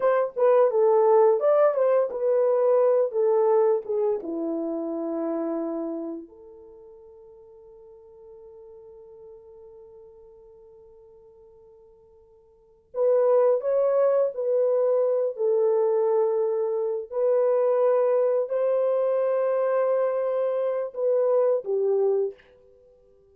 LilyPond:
\new Staff \with { instrumentName = "horn" } { \time 4/4 \tempo 4 = 86 c''8 b'8 a'4 d''8 c''8 b'4~ | b'8 a'4 gis'8 e'2~ | e'4 a'2.~ | a'1~ |
a'2~ a'8 b'4 cis''8~ | cis''8 b'4. a'2~ | a'8 b'2 c''4.~ | c''2 b'4 g'4 | }